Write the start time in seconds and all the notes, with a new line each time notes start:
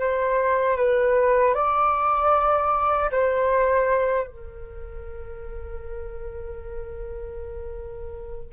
0.00 C5
0.77 B4
1.55 D5
3.12 C5
4.28 A#4